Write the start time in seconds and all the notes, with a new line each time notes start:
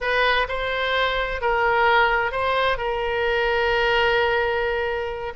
0.00 B4
0.48 C5
1.41 A#4
2.31 C5
2.77 A#4